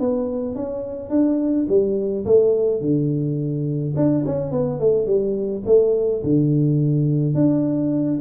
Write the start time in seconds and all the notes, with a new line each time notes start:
0.00 B3
0.56 C#4
1.10 D4
1.69 G3
2.25 A3
2.81 D3
3.96 D4
4.26 C#4
4.52 B3
4.80 A3
5.06 G3
5.66 A3
6.23 D3
7.35 D4